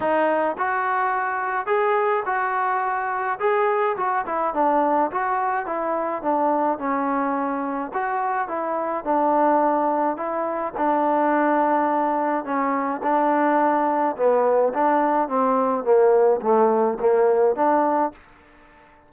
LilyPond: \new Staff \with { instrumentName = "trombone" } { \time 4/4 \tempo 4 = 106 dis'4 fis'2 gis'4 | fis'2 gis'4 fis'8 e'8 | d'4 fis'4 e'4 d'4 | cis'2 fis'4 e'4 |
d'2 e'4 d'4~ | d'2 cis'4 d'4~ | d'4 b4 d'4 c'4 | ais4 a4 ais4 d'4 | }